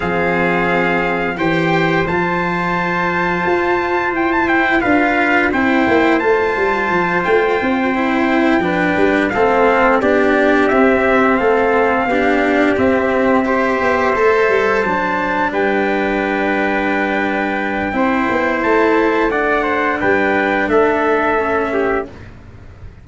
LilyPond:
<<
  \new Staff \with { instrumentName = "trumpet" } { \time 4/4 \tempo 4 = 87 f''2 g''4 a''4~ | a''2 g''16 a''16 g''8 f''4 | g''4 a''4. g''4.~ | g''4. f''4 d''4 e''8~ |
e''8 f''2 e''4.~ | e''4. a''4 g''4.~ | g''2. a''4 | fis''4 g''4 e''2 | }
  \new Staff \with { instrumentName = "trumpet" } { \time 4/4 gis'2 c''2~ | c''2. b'4 | c''1~ | c''8 b'4 a'4 g'4.~ |
g'8 a'4 g'2 c''8~ | c''2~ c''8 b'4.~ | b'2 c''2 | d''8 c''8 b'4 a'4. g'8 | }
  \new Staff \with { instrumentName = "cello" } { \time 4/4 c'2 g'4 f'4~ | f'2~ f'8 e'8 f'4 | e'4 f'2~ f'8 e'8~ | e'8 d'4 c'4 d'4 c'8~ |
c'4. d'4 c'4 g'8~ | g'8 a'4 d'2~ d'8~ | d'2 e'2 | d'2. cis'4 | }
  \new Staff \with { instrumentName = "tuba" } { \time 4/4 f2 e4 f4~ | f4 f'4 e'4 d'4 | c'8 ais8 a8 g8 f8 a8 c'4~ | c'8 f8 g8 a4 b4 c'8~ |
c'8 a4 b4 c'4. | b8 a8 g8 fis4 g4.~ | g2 c'8 b8 a4~ | a4 g4 a2 | }
>>